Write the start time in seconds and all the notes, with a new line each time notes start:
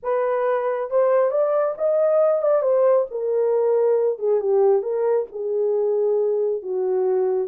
0.02 B4
0.90 C5
1.30 D5
1.77 D#5
2.42 D5
2.62 C5
3.10 A#4
4.18 G#4
4.40 G4
4.82 A#4
5.31 G#4
6.62 F#4